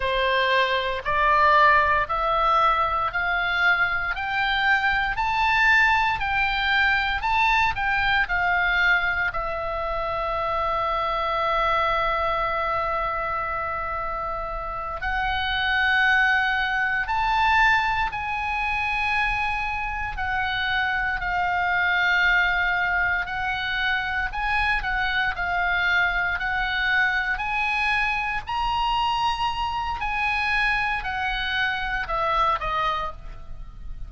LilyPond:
\new Staff \with { instrumentName = "oboe" } { \time 4/4 \tempo 4 = 58 c''4 d''4 e''4 f''4 | g''4 a''4 g''4 a''8 g''8 | f''4 e''2.~ | e''2~ e''8 fis''4.~ |
fis''8 a''4 gis''2 fis''8~ | fis''8 f''2 fis''4 gis''8 | fis''8 f''4 fis''4 gis''4 ais''8~ | ais''4 gis''4 fis''4 e''8 dis''8 | }